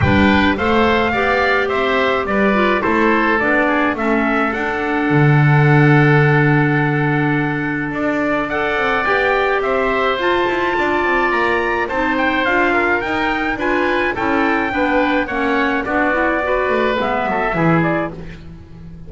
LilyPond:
<<
  \new Staff \with { instrumentName = "trumpet" } { \time 4/4 \tempo 4 = 106 g''4 f''2 e''4 | d''4 c''4 d''4 e''4 | fis''1~ | fis''2 d''4 fis''4 |
g''4 e''4 a''2 | ais''4 a''8 g''8 f''4 g''4 | gis''4 g''2 fis''4 | d''2 e''4. d''8 | }
  \new Staff \with { instrumentName = "oboe" } { \time 4/4 b'4 c''4 d''4 c''4 | b'4 a'4. gis'8 a'4~ | a'1~ | a'2. d''4~ |
d''4 c''2 d''4~ | d''4 c''4. ais'4. | b'4 a'4 b'4 cis''4 | fis'4 b'4. a'8 gis'4 | }
  \new Staff \with { instrumentName = "clarinet" } { \time 4/4 d'4 a'4 g'2~ | g'8 f'8 e'4 d'4 cis'4 | d'1~ | d'2. a'4 |
g'2 f'2~ | f'4 dis'4 f'4 dis'4 | f'4 e'4 d'4 cis'4 | d'8 e'8 fis'4 b4 e'4 | }
  \new Staff \with { instrumentName = "double bass" } { \time 4/4 g4 a4 b4 c'4 | g4 a4 b4 a4 | d'4 d2.~ | d2 d'4. c'8 |
b4 c'4 f'8 e'8 d'8 c'8 | ais4 c'4 d'4 dis'4 | d'4 cis'4 b4 ais4 | b4. a8 gis8 fis8 e4 | }
>>